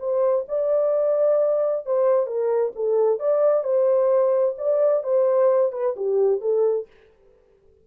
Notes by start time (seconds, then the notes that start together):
0.00 C5
0.49 D5
1.86 C5
2.27 A#4
2.76 A4
3.20 D5
3.64 C5
4.58 D5
5.04 C5
5.73 B4
5.97 G4
6.42 A4